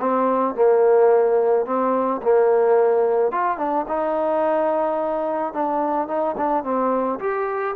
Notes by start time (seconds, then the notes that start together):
0.00 C4
0.55 A#3
1.66 C4
2.22 A#3
3.32 F4
3.58 D4
3.88 D#4
5.54 D4
6.08 D#4
6.37 D4
6.64 C4
7.20 G4